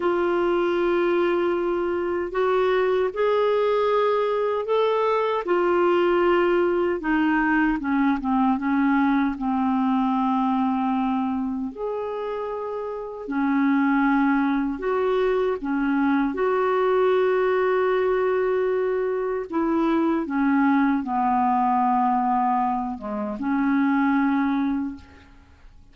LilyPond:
\new Staff \with { instrumentName = "clarinet" } { \time 4/4 \tempo 4 = 77 f'2. fis'4 | gis'2 a'4 f'4~ | f'4 dis'4 cis'8 c'8 cis'4 | c'2. gis'4~ |
gis'4 cis'2 fis'4 | cis'4 fis'2.~ | fis'4 e'4 cis'4 b4~ | b4. gis8 cis'2 | }